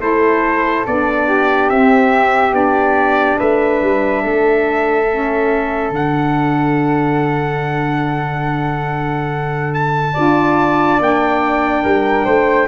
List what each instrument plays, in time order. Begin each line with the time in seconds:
0.00 tuba A3, saxophone E4, flute A4, trumpet C5
0.87 tuba B3, saxophone D4, trumpet D5
1.28 flute G4
1.70 tuba C4, saxophone C4, trumpet E5
2.52 tuba B3, saxophone D4, trumpet D5
3.38 tuba A3, flute B4, trumpet E5
3.82 tuba G3
4.23 tuba A3, flute A4
5.11 saxophone C#4
5.91 tuba D3, saxophone D4, trumpet F#5
9.75 trumpet A5
10.14 tuba D4, saxophone F4, flute D5
11.00 tuba A#3, saxophone D4, trumpet G5
11.83 tuba G3, flute A#4
12.25 tuba A3, flute C5